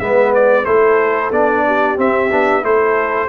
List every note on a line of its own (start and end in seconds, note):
0.00 0.66 G#3
0.00 0.65 B3
0.00 0.66 B4
0.00 0.33 E5
0.34 0.65 D5
0.65 1.31 A3
0.65 1.31 E4
0.65 1.65 A4
0.65 1.31 C5
1.31 1.97 B3
1.31 1.97 D4
1.31 1.99 D5
1.67 2.66 G4
1.97 2.30 C4
1.97 2.31 C4
1.97 2.65 E5
2.31 2.64 B3
2.31 2.62 D4
2.62 3.29 A3
2.62 3.28 E4
2.62 3.29 A4
2.62 3.29 C5